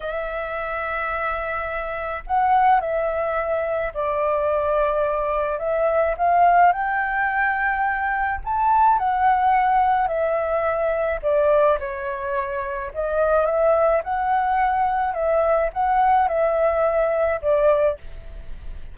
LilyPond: \new Staff \with { instrumentName = "flute" } { \time 4/4 \tempo 4 = 107 e''1 | fis''4 e''2 d''4~ | d''2 e''4 f''4 | g''2. a''4 |
fis''2 e''2 | d''4 cis''2 dis''4 | e''4 fis''2 e''4 | fis''4 e''2 d''4 | }